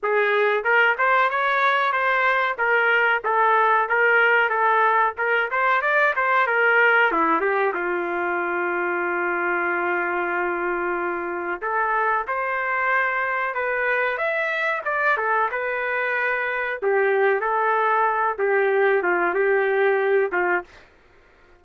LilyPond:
\new Staff \with { instrumentName = "trumpet" } { \time 4/4 \tempo 4 = 93 gis'4 ais'8 c''8 cis''4 c''4 | ais'4 a'4 ais'4 a'4 | ais'8 c''8 d''8 c''8 ais'4 e'8 g'8 | f'1~ |
f'2 a'4 c''4~ | c''4 b'4 e''4 d''8 a'8 | b'2 g'4 a'4~ | a'8 g'4 f'8 g'4. f'8 | }